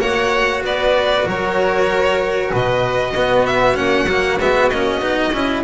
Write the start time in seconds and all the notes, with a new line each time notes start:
0.00 A#3 F#4 C#5 F#5
0.63 B3 B4 D5
1.27 F#3 A#4 C#5
2.52 B2 B4 D#5
3.14 B3 F#4
3.47 E5
3.75 A#3 C#4 F#5
4.06 F#3 A#3
4.40 G#3 B3 E5
4.70 A#3 C#4 D#5
5.00 B3 D#4
5.33 C#4 E4